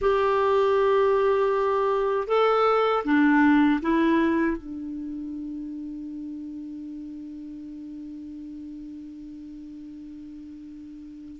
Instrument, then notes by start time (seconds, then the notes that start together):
clarinet
0.01 G4
2.27 A4
3.04 D4
3.81 E4
4.57 D4